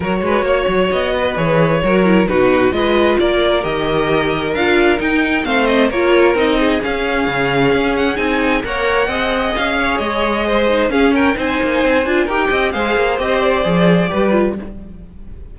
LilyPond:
<<
  \new Staff \with { instrumentName = "violin" } { \time 4/4 \tempo 4 = 132 cis''2 dis''4 cis''4~ | cis''4 b'4 dis''4 d''4 | dis''2 f''4 g''4 | f''8 dis''8 cis''4 dis''4 f''4~ |
f''4. fis''8 gis''4 fis''4~ | fis''4 f''4 dis''2 | f''8 g''8 gis''2 g''4 | f''4 dis''8 d''2~ d''8 | }
  \new Staff \with { instrumentName = "violin" } { \time 4/4 ais'8 b'8 cis''4. b'4. | ais'4 fis'4 b'4 ais'4~ | ais'1 | c''4 ais'4. gis'4.~ |
gis'2. cis''4 | dis''4. cis''4. c''4 | gis'8 ais'8 c''2 ais'8 dis''8 | c''2. b'4 | }
  \new Staff \with { instrumentName = "viola" } { \time 4/4 fis'2. gis'4 | fis'8 e'8 dis'4 f'2 | g'2 f'4 dis'4 | c'4 f'4 dis'4 cis'4~ |
cis'2 dis'4 ais'4 | gis'2.~ gis'8 dis'8 | cis'4 dis'4. f'8 g'4 | gis'4 g'4 gis'4 g'8 f'8 | }
  \new Staff \with { instrumentName = "cello" } { \time 4/4 fis8 gis8 ais8 fis8 b4 e4 | fis4 b,4 gis4 ais4 | dis2 d'4 dis'4 | a4 ais4 c'4 cis'4 |
cis4 cis'4 c'4 ais4 | c'4 cis'4 gis2 | cis'4 c'8 ais8 c'8 d'8 dis'8 c'8 | gis8 ais8 c'4 f4 g4 | }
>>